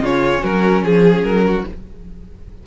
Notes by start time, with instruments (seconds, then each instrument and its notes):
0.00 cello C#3, viola C#4, violin F4 C#5
0.42 cello F#3, violin F#4 A#4
0.83 cello F3, violin G#4
1.24 cello F#3, violin A#4
1.46 violin F#4